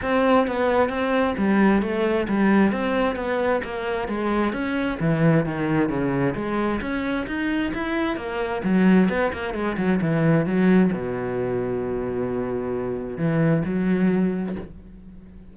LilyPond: \new Staff \with { instrumentName = "cello" } { \time 4/4 \tempo 4 = 132 c'4 b4 c'4 g4 | a4 g4 c'4 b4 | ais4 gis4 cis'4 e4 | dis4 cis4 gis4 cis'4 |
dis'4 e'4 ais4 fis4 | b8 ais8 gis8 fis8 e4 fis4 | b,1~ | b,4 e4 fis2 | }